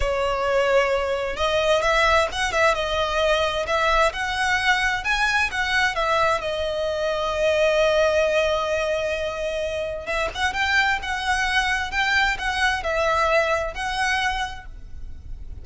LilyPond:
\new Staff \with { instrumentName = "violin" } { \time 4/4 \tempo 4 = 131 cis''2. dis''4 | e''4 fis''8 e''8 dis''2 | e''4 fis''2 gis''4 | fis''4 e''4 dis''2~ |
dis''1~ | dis''2 e''8 fis''8 g''4 | fis''2 g''4 fis''4 | e''2 fis''2 | }